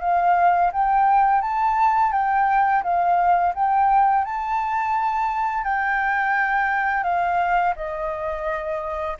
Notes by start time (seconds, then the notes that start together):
0.00 F5
0.72 G5
1.41 A5
2.12 G5
2.83 F5
3.54 G5
4.24 A5
5.63 G5
7.03 F5
7.76 D#5